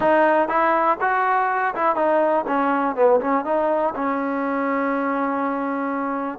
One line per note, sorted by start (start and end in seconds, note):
0.00 0.48 D#4
0.48 0.97 E4
1.00 1.74 F#4
1.75 1.95 E4
1.95 2.45 D#4
2.47 2.95 C#4
2.95 3.20 B3
3.20 3.44 C#4
3.44 3.94 D#4
3.95 6.38 C#4